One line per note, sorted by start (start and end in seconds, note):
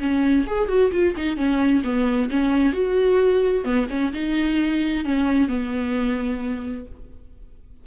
0.00 0.46 C#4
0.47 0.68 G#4
0.68 0.91 F#4
0.92 1.15 F4
1.17 1.37 D#4
1.37 1.83 C#4
1.84 2.30 B3
2.30 2.73 C#4
2.73 3.65 F#4
3.65 3.87 B3
3.90 4.13 C#4
4.13 5.05 D#4
5.05 5.49 C#4
5.49 6.86 B3